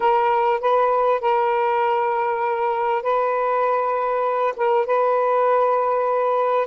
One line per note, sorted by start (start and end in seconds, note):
0.00 0.60 A#4
0.60 1.20 B4
1.20 3.02 A#4
3.02 4.54 B4
4.56 4.86 A#4
4.86 6.67 B4